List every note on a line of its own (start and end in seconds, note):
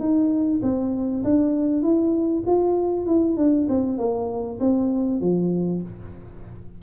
0.00 0.61 D#4
0.63 1.24 C4
1.24 1.83 D4
1.83 2.44 E4
2.47 3.07 F4
3.07 3.37 E4
3.37 3.68 D4
3.69 3.98 C4
3.98 4.59 A#3
4.60 5.21 C4
5.21 5.82 F3